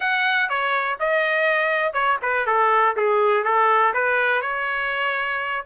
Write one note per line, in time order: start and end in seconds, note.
0.00 0.49 F#5
0.49 0.98 C#5
0.99 1.93 D#5
1.93 2.17 C#5
2.22 2.46 B4
2.46 2.95 A4
2.96 3.44 G#4
3.44 3.93 A4
3.93 4.42 B4
4.42 5.64 C#5